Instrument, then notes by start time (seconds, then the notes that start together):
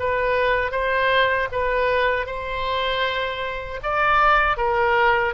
oboe
0.00 B4
0.72 C5
1.52 B4
2.27 C5
3.84 D5
4.58 A#4